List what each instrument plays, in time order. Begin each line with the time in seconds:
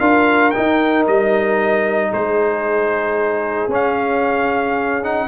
0.00 tuba D4, trombone F4, horn A#4, trumpet F5
0.51 trombone D#4, trumpet G5
0.57 tuba D#4
1.07 tuba G3, trumpet D#5
2.11 tuba G#3, horn G#4, trumpet C5
3.68 tuba C#4, trombone C#4, trumpet F5
5.03 trombone D#4, trumpet F#5